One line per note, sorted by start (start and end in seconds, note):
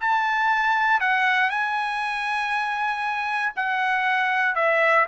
0.00 1.00 A5
1.00 1.50 F#5
1.50 3.53 G#5
3.56 4.55 F#5
4.55 5.06 E5